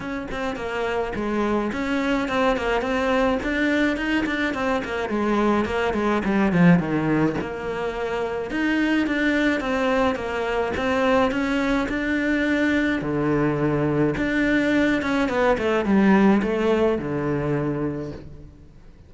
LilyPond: \new Staff \with { instrumentName = "cello" } { \time 4/4 \tempo 4 = 106 cis'8 c'8 ais4 gis4 cis'4 | c'8 ais8 c'4 d'4 dis'8 d'8 | c'8 ais8 gis4 ais8 gis8 g8 f8 | dis4 ais2 dis'4 |
d'4 c'4 ais4 c'4 | cis'4 d'2 d4~ | d4 d'4. cis'8 b8 a8 | g4 a4 d2 | }